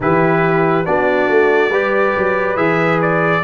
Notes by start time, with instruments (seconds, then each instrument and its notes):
0.00 tuba E3, trombone E4, horn G4, trumpet B4
0.85 tuba B3, trombone D4, horn F#4, trumpet D5
1.28 tuba A3
1.69 tuba G3, trombone G4, horn B4
2.16 tuba F#3
2.56 tuba E3, trombone G#4, trumpet E5
3.01 trumpet D5